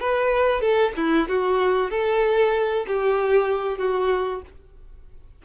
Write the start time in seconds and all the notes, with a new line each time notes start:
0.00 B4
0.61 A4
0.97 E4
1.29 F#4
1.91 A4
2.87 G4
3.78 F#4